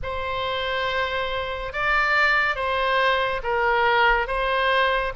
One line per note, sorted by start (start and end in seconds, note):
0.02 1.72 C5
1.72 2.55 D5
2.55 3.41 C5
3.43 4.27 A#4
4.27 5.12 C5